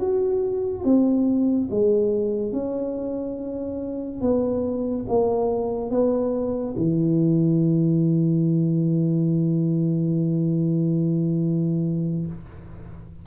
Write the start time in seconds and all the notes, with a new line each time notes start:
0.00 F#4
0.84 C4
1.71 G#3
2.53 C#4
4.22 B3
5.09 A#3
5.91 B3
6.77 E3